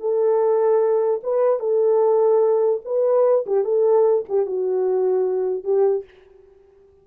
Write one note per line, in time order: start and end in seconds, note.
0.00 1.21 A4
1.23 1.60 B4
1.60 2.81 A4
2.85 3.45 B4
3.46 3.64 G4
3.64 4.25 A4
4.29 4.46 G4
4.46 5.64 F#4
5.64 6.04 G4